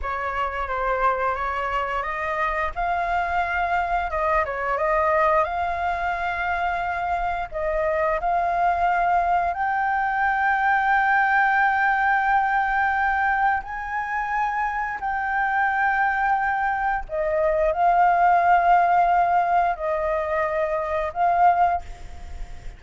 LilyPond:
\new Staff \with { instrumentName = "flute" } { \time 4/4 \tempo 4 = 88 cis''4 c''4 cis''4 dis''4 | f''2 dis''8 cis''8 dis''4 | f''2. dis''4 | f''2 g''2~ |
g''1 | gis''2 g''2~ | g''4 dis''4 f''2~ | f''4 dis''2 f''4 | }